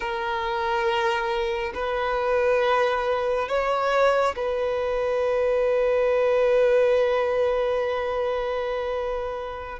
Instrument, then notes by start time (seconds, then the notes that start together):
violin
0.00 A#4
1.74 B4
3.48 C#5
4.36 B4